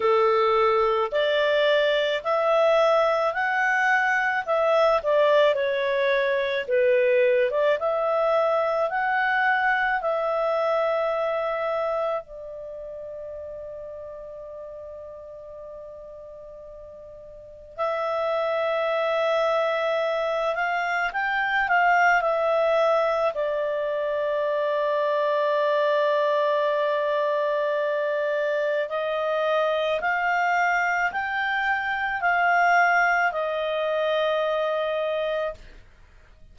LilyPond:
\new Staff \with { instrumentName = "clarinet" } { \time 4/4 \tempo 4 = 54 a'4 d''4 e''4 fis''4 | e''8 d''8 cis''4 b'8. d''16 e''4 | fis''4 e''2 d''4~ | d''1 |
e''2~ e''8 f''8 g''8 f''8 | e''4 d''2.~ | d''2 dis''4 f''4 | g''4 f''4 dis''2 | }